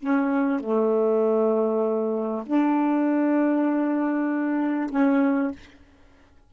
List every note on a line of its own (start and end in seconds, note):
0.00 0.60 C#4
0.60 2.44 A3
2.46 4.90 D4
4.90 5.51 C#4